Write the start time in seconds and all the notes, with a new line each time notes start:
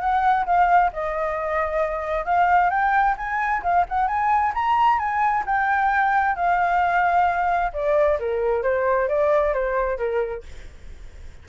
0.00 F#5
0.46 F5
0.93 D#5
2.25 F5
2.70 G5
3.17 G#5
3.63 F5
3.89 F#5
4.08 G#5
4.54 A#5
4.99 G#5
5.46 G5
6.36 F5
7.74 D5
8.20 A#4
8.63 C5
9.08 D5
9.54 C5
9.98 A#4